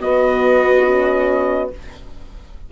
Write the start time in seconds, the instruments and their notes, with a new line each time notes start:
0.00 horn B3, bassoon B3, viola F#4, trumpet D#5
0.86 horn C#4